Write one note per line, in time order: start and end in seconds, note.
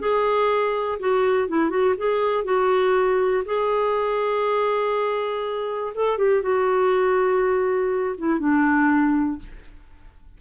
0.00 0.99 G#4
1.00 1.49 F#4
1.49 1.70 E4
1.70 1.95 F#4
1.98 2.45 G#4
2.45 3.44 F#4
3.46 5.94 G#4
5.95 6.18 A4
6.18 6.43 G4
6.43 8.16 F#4
8.18 8.40 E4
8.40 9.39 D4